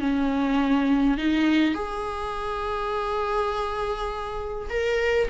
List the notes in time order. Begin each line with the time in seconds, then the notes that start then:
0.00 C#4
1.17 D#4
1.74 G#4
4.70 A#4